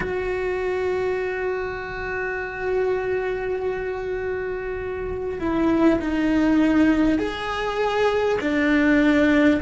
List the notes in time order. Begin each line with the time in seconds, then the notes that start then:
0.00 F#4
5.39 E4
6.00 D#4
7.18 G#4
8.40 D4